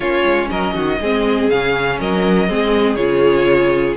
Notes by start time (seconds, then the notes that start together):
0.00 A#3 C#4 F4 C#5
0.24 G#3
0.50 F#3 A#4 D#5
0.74 D#3 F#4
1.00 G#3 C4 G#4
1.49 C#3 C#4 F5
1.99 F#3 A#4 D#5
2.48 G#3 C4 G#4
2.95 C#3 F4 C#5